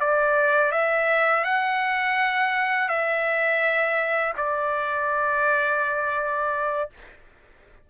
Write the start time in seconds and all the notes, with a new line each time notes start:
0.00 D5
0.72 E5
1.44 F#5
2.88 E5
4.37 D5